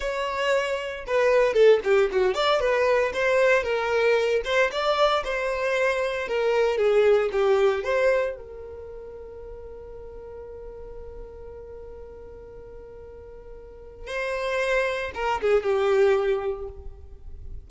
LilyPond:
\new Staff \with { instrumentName = "violin" } { \time 4/4 \tempo 4 = 115 cis''2 b'4 a'8 g'8 | fis'8 d''8 b'4 c''4 ais'4~ | ais'8 c''8 d''4 c''2 | ais'4 gis'4 g'4 c''4 |
ais'1~ | ais'1~ | ais'2. c''4~ | c''4 ais'8 gis'8 g'2 | }